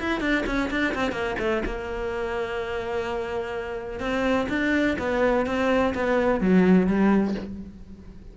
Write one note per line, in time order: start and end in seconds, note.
0.00 0.21 E4
0.21 0.44 D4
0.46 0.70 C#4
0.71 0.94 D4
0.95 1.12 C4
1.12 1.36 A#3
1.39 1.63 A3
1.65 4.00 A#3
4.00 4.47 C4
4.49 4.97 D4
4.98 5.46 B3
5.46 5.94 C4
5.95 6.40 B3
6.40 6.87 F#3
6.87 7.35 G3